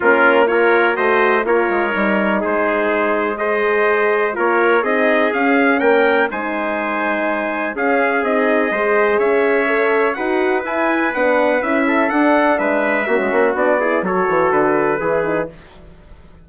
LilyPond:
<<
  \new Staff \with { instrumentName = "trumpet" } { \time 4/4 \tempo 4 = 124 ais'4 cis''4 dis''4 cis''4~ | cis''4 c''2 dis''4~ | dis''4 cis''4 dis''4 f''4 | g''4 gis''2. |
f''4 dis''2 e''4~ | e''4 fis''4 gis''4 fis''4 | e''4 fis''4 e''2 | d''4 cis''4 b'2 | }
  \new Staff \with { instrumentName = "trumpet" } { \time 4/4 f'4 ais'4 c''4 ais'4~ | ais'4 gis'2 c''4~ | c''4 ais'4 gis'2 | ais'4 c''2. |
gis'2 c''4 cis''4~ | cis''4 b'2.~ | b'8 a'4. b'4 fis'4~ | fis'8 gis'8 a'2 gis'4 | }
  \new Staff \with { instrumentName = "horn" } { \time 4/4 cis'4 f'4 fis'4 f'4 | dis'2. gis'4~ | gis'4 f'4 dis'4 cis'4~ | cis'4 dis'2. |
cis'4 dis'4 gis'2 | a'4 fis'4 e'4 d'4 | e'4 d'2 cis'4 | d'8 e'8 fis'2 e'8 dis'8 | }
  \new Staff \with { instrumentName = "bassoon" } { \time 4/4 ais2 a4 ais8 gis8 | g4 gis2.~ | gis4 ais4 c'4 cis'4 | ais4 gis2. |
cis'4 c'4 gis4 cis'4~ | cis'4 dis'4 e'4 b4 | cis'4 d'4 gis4 ais16 gis16 ais8 | b4 fis8 e8 d4 e4 | }
>>